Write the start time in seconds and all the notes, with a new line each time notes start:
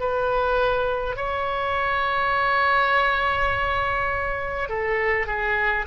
0.00 B4
1.17 C#5
4.70 A4
5.27 G#4